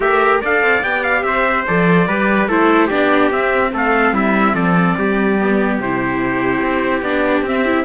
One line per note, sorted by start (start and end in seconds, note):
0.00 0.41 A3
0.00 0.41 G4
0.00 0.43 A#4
0.00 0.42 E5
0.41 0.62 D4
0.41 0.81 A4
0.41 1.23 D5
0.41 0.83 F5
0.62 0.82 C4
0.81 1.23 B3
0.81 1.64 G4
0.81 1.03 G5
1.03 1.23 F5
1.23 1.64 C4
1.23 2.07 C5
1.23 1.64 E5
1.66 2.07 F3
1.66 2.07 A4
1.66 2.49 D5
2.07 2.48 G3
2.07 2.48 G4
2.07 2.48 B4
2.48 2.89 A3
2.48 2.90 E4
2.48 2.86 A4
2.48 2.89 C5
2.86 3.31 B3
2.86 3.31 D4
2.86 3.69 G4
2.86 3.31 D5
3.31 3.72 C4
3.31 5.40 C4
3.31 3.73 E5
3.72 4.12 A3
3.72 4.14 A4
3.72 4.15 F5
4.12 4.53 G3
4.12 4.54 E4
4.12 4.55 E5
4.54 4.95 F3
4.54 4.96 A4
4.54 5.79 D5
4.97 5.79 G3
4.97 7.84 G4
5.40 5.81 B3
5.79 6.61 C3
5.79 7.04 E4
5.79 7.02 C5
6.61 7.02 C4
7.02 7.41 B3
7.02 7.45 D4
7.02 7.43 D5
7.41 7.83 C4
7.41 7.65 C4
7.48 7.84 E5
7.65 7.84 E4